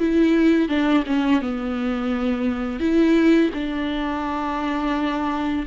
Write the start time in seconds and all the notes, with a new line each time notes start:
0.00 E4
0.69 D4
1.07 C#4
1.42 B3
2.80 E4
3.55 D4